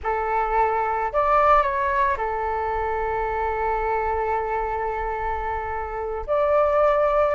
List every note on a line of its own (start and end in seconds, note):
0.03 1.12 A4
1.12 1.62 D5
1.62 2.17 C#5
2.17 6.26 A4
6.26 7.35 D5